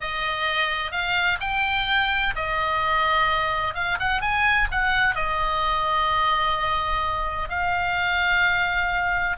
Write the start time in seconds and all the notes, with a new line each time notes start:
0.00 D#5
0.91 F5
1.40 G5
2.35 D#5
3.74 F5
3.99 F#5
4.21 G#5
4.71 F#5
5.15 D#5
7.49 F5